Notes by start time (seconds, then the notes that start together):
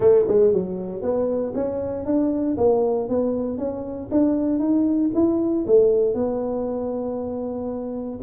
0.00 A3
0.27 G#3
0.52 F#3
1.01 B3
1.54 C#4
2.05 D4
2.57 A#3
3.08 B3
3.58 C#4
4.11 D4
4.59 D#4
5.14 E4
5.66 A3
6.14 B3